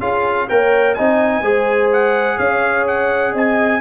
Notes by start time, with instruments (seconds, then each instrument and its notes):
0.00 tuba C#4, trombone F4, horn G#4, trumpet F5
0.49 tuba A#3, trombone A#4, horn C#5, trumpet G5
0.95 tuba C4, trombone D#4, horn D#5, trumpet G#5
1.42 tuba G#3, trombone G#4, horn C5
1.93 trumpet F#5
2.38 tuba C#4, horn C#5, trumpet F5
2.88 trumpet F#5
3.33 tuba C4, horn D#5, trumpet G#5